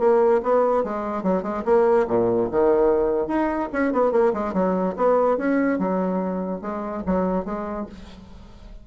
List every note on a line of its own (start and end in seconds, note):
0.00 0.41 A#3
0.43 0.84 B3
0.84 1.23 G#3
1.23 1.43 F#3
1.43 1.64 G#3
1.66 2.07 A#3
2.08 2.49 A#2
2.52 3.28 D#3
3.28 3.69 D#4
3.73 3.93 C#4
3.93 4.12 B3
4.12 4.33 A#3
4.34 4.54 G#3
4.54 4.95 F#3
4.97 5.38 B3
5.38 5.79 C#4
5.79 6.62 F#3
6.62 7.03 G#3
7.07 7.45 F#3
7.45 7.87 G#3